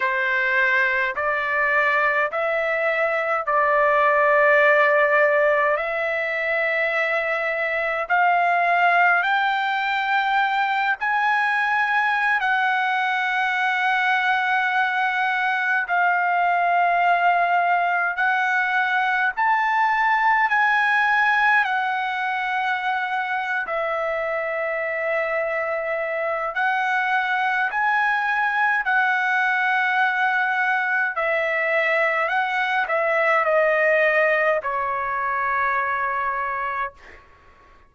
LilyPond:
\new Staff \with { instrumentName = "trumpet" } { \time 4/4 \tempo 4 = 52 c''4 d''4 e''4 d''4~ | d''4 e''2 f''4 | g''4. gis''4~ gis''16 fis''4~ fis''16~ | fis''4.~ fis''16 f''2 fis''16~ |
fis''8. a''4 gis''4 fis''4~ fis''16~ | fis''8 e''2~ e''8 fis''4 | gis''4 fis''2 e''4 | fis''8 e''8 dis''4 cis''2 | }